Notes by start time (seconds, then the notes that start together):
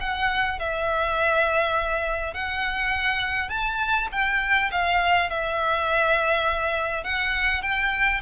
0.00 F#5
0.59 E5
2.34 F#5
3.49 A5
4.12 G5
4.71 F5
5.30 E5
7.03 F#5
7.62 G5